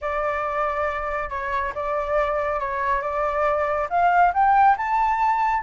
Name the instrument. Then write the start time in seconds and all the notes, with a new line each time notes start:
flute
0.01 D5
1.29 C#5
1.74 D5
2.59 C#5
3.01 D5
3.89 F5
4.33 G5
4.77 A5